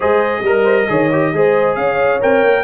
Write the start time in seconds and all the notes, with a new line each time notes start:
0.00 G#3 G#4 C5 D#5
0.41 G3 A#4
0.63 C5
0.87 D#3 G#4 C#5
1.12 G4
1.33 G#3 G#4 C5
1.75 C#4 C#5 F5
2.20 C4 A#4 G5
2.44 A#3